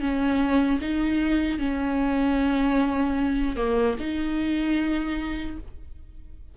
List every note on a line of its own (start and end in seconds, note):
0.00 0.79 C#4
0.81 1.58 D#4
1.58 3.56 C#4
3.56 3.95 A#3
3.99 5.57 D#4